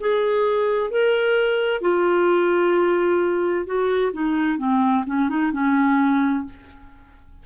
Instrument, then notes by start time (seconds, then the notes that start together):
clarinet
0.00 G#4
0.90 A#4
1.81 F4
3.66 F#4
4.12 D#4
4.58 C4
5.06 C#4
5.29 D#4
5.52 C#4